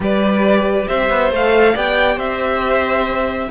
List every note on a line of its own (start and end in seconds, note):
0.00 0.87 G3
0.00 1.31 G4
0.00 0.87 B4
0.00 0.87 D5
0.87 1.09 C4
0.87 1.73 C5
0.87 1.31 E5
1.09 1.31 B3
1.31 1.74 A3
1.31 1.75 A4
1.31 1.76 F5
1.73 2.16 B3
1.73 3.50 G4
1.73 2.17 D5
1.73 2.19 G5
2.16 3.48 C4
2.16 3.48 C5
2.16 3.50 E5